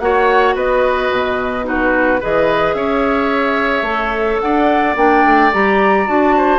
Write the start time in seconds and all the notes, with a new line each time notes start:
0.00 A#3 F#4 C#5 F#5
0.55 B3 B4 D#5
1.11 B2
1.64 D#4 F#4 B4
2.21 E3 G#4 B4 D#5
2.74 C#4 C#5 E5
3.82 A3 A4
4.40 D4 D5 F#5
4.96 A#3 D4 G5
5.24 A3
5.53 G3 G4 A#5
6.07 D4 F#4 A5
6.37 C5